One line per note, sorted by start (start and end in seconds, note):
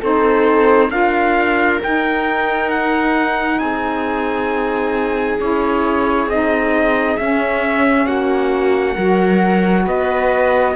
0.00 0.90 C4
0.00 0.90 D#4
0.00 0.90 A4
0.00 0.91 C5
0.90 1.80 D4
0.90 1.80 F4
0.90 3.59 A#4
0.90 1.80 F5
1.83 5.40 D#4
1.83 3.60 D#4
1.83 2.70 G5
2.70 3.59 F#5
3.59 5.39 C4
3.59 8.07 G#4
3.59 5.38 G#5
5.40 6.26 C#4
5.40 6.29 E4
5.40 6.29 C#5
6.26 7.16 C4
6.26 7.19 D#4
6.26 7.17 D#5
7.17 8.97 C#4
7.17 8.07 C#4
7.17 8.07 E5
8.07 8.96 A#3
8.07 8.95 F#4
8.07 9.86 F#5
8.95 9.87 F#3
8.95 10.76 F#4
8.95 9.84 A#4
9.85 10.76 B3
9.85 10.75 B4
9.85 10.76 D#5